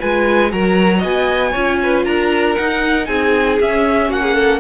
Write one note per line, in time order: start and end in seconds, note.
0.00 0.53 G#3
0.00 0.49 F4
0.00 0.51 B4
0.00 0.52 G#5
0.49 1.04 F#3
0.49 1.52 F#4
0.49 0.98 A#4
0.49 1.03 A#5
0.98 1.55 B3
0.98 1.49 D#5
0.98 2.05 G#5
1.51 2.05 C#4
1.51 2.57 F4
1.51 1.77 C#5
1.82 2.06 B4
2.05 2.56 D4
2.05 3.06 A#4
2.05 2.55 A#5
2.55 3.07 D#4
2.55 3.60 D#4
2.55 3.06 F#5
3.06 3.59 C4
3.06 4.09 G#4
3.06 3.57 G#5
3.60 4.10 C#4
3.60 4.60 C#4
3.60 4.11 E5
4.09 4.60 A#3
4.09 4.22 F#4
4.09 4.60 F#5
4.22 4.34 G#4
4.34 4.59 A4